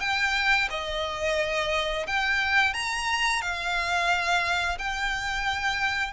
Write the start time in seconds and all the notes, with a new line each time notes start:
0.00 G5
0.70 D#5
2.07 G5
2.73 A#5
3.41 F5
4.78 G5